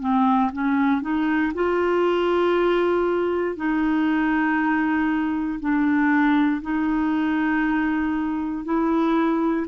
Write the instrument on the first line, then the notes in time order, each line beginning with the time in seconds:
clarinet
0.00 C4
0.52 C#4
1.02 D#4
1.54 F4
3.56 D#4
5.60 D4
6.62 D#4
8.64 E4